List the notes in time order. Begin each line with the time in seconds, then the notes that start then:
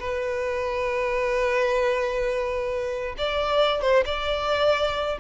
0.00 B4
3.18 D5
3.82 C5
4.06 D5